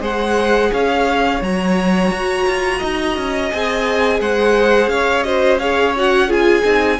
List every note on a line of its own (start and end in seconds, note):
0.00 0.71 G#3
0.00 1.40 G#4
0.00 0.71 C5
0.00 0.73 F#5
0.72 1.41 C#4
0.72 2.78 C#5
0.72 1.43 F5
1.41 2.11 F#3
1.41 3.52 F#4
1.41 3.50 A#5
2.11 2.46 F#4
2.47 2.82 F4
2.78 3.17 D#4
2.78 4.18 D#5
3.17 3.51 C#4
3.50 4.20 C4
3.50 5.24 G#4
3.50 4.20 G#5
4.20 4.87 G#3
4.20 4.92 C5
4.20 4.89 F#5
4.87 6.61 C#4
4.87 5.26 C#5
4.87 5.23 F5
5.23 5.59 F#4
5.23 5.60 C5
5.23 5.58 D#5
5.59 5.95 G#4
5.59 6.28 C#5
5.59 5.94 F5
5.97 6.28 F#4
5.97 6.32 F#5
6.28 6.63 F4
6.28 6.97 G#4
6.28 7.00 G#5
6.64 7.00 C4
6.64 6.99 D#4